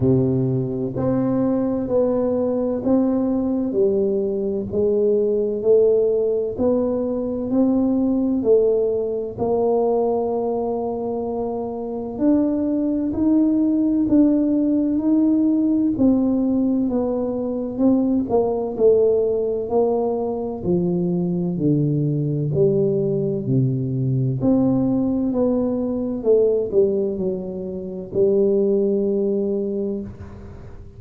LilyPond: \new Staff \with { instrumentName = "tuba" } { \time 4/4 \tempo 4 = 64 c4 c'4 b4 c'4 | g4 gis4 a4 b4 | c'4 a4 ais2~ | ais4 d'4 dis'4 d'4 |
dis'4 c'4 b4 c'8 ais8 | a4 ais4 f4 d4 | g4 c4 c'4 b4 | a8 g8 fis4 g2 | }